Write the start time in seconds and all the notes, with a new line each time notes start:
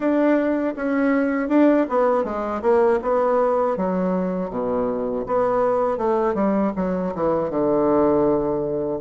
0.00 D4
0.76 C#4
1.49 D4
1.89 B3
2.24 G#3
2.61 A#3
3.02 B3
3.76 F#3
4.50 B2
5.26 B3
5.97 A3
6.34 G3
6.76 F#3
7.15 E3
7.50 D3